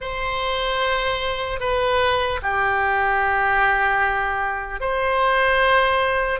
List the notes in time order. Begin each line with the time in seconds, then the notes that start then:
0.00 C5
1.60 B4
2.42 G4
4.80 C5